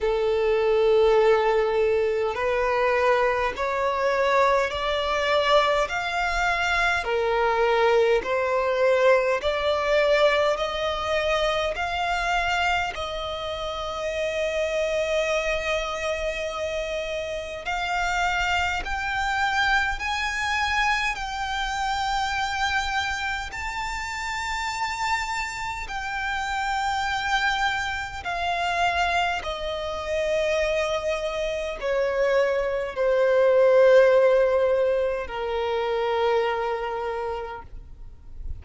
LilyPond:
\new Staff \with { instrumentName = "violin" } { \time 4/4 \tempo 4 = 51 a'2 b'4 cis''4 | d''4 f''4 ais'4 c''4 | d''4 dis''4 f''4 dis''4~ | dis''2. f''4 |
g''4 gis''4 g''2 | a''2 g''2 | f''4 dis''2 cis''4 | c''2 ais'2 | }